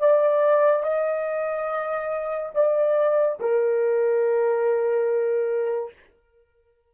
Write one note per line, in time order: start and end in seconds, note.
0.00 0.83 D5
0.83 2.52 D#5
2.55 3.39 D5
3.40 5.93 A#4